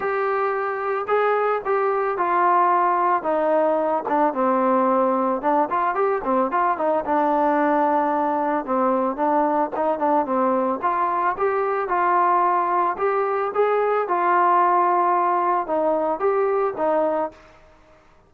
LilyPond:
\new Staff \with { instrumentName = "trombone" } { \time 4/4 \tempo 4 = 111 g'2 gis'4 g'4 | f'2 dis'4. d'8 | c'2 d'8 f'8 g'8 c'8 | f'8 dis'8 d'2. |
c'4 d'4 dis'8 d'8 c'4 | f'4 g'4 f'2 | g'4 gis'4 f'2~ | f'4 dis'4 g'4 dis'4 | }